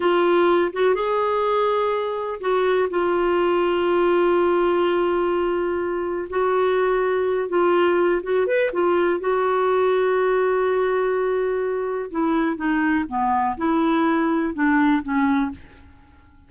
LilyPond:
\new Staff \with { instrumentName = "clarinet" } { \time 4/4 \tempo 4 = 124 f'4. fis'8 gis'2~ | gis'4 fis'4 f'2~ | f'1~ | f'4 fis'2~ fis'8 f'8~ |
f'4 fis'8 b'8 f'4 fis'4~ | fis'1~ | fis'4 e'4 dis'4 b4 | e'2 d'4 cis'4 | }